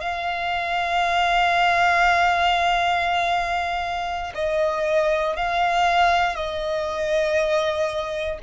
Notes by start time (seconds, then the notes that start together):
0.00 F5
4.35 D#5
5.36 F5
6.35 D#5